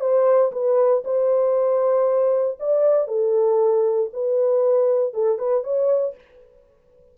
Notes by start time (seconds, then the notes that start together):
0.00 C5
0.52 B4
1.04 C5
2.59 D5
3.07 A4
4.13 B4
5.13 A4
5.38 B4
5.63 C#5